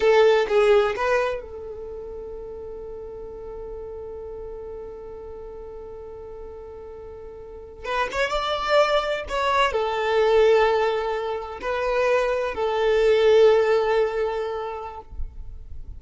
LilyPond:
\new Staff \with { instrumentName = "violin" } { \time 4/4 \tempo 4 = 128 a'4 gis'4 b'4 a'4~ | a'1~ | a'1~ | a'1~ |
a'8. b'8 cis''8 d''2 cis''16~ | cis''8. a'2.~ a'16~ | a'8. b'2 a'4~ a'16~ | a'1 | }